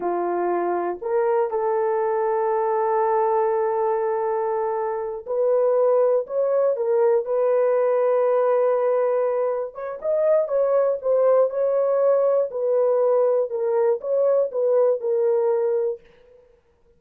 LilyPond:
\new Staff \with { instrumentName = "horn" } { \time 4/4 \tempo 4 = 120 f'2 ais'4 a'4~ | a'1~ | a'2~ a'8 b'4.~ | b'8 cis''4 ais'4 b'4.~ |
b'2.~ b'8 cis''8 | dis''4 cis''4 c''4 cis''4~ | cis''4 b'2 ais'4 | cis''4 b'4 ais'2 | }